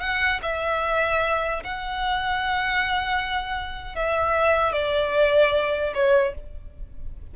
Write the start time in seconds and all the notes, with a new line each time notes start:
0.00 F#5
0.42 E5
1.64 F#5
3.96 E5
4.73 D5
5.94 C#5